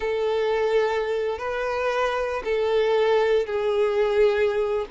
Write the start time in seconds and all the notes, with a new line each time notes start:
0.00 A4
1.38 B4
2.44 A4
3.46 G#4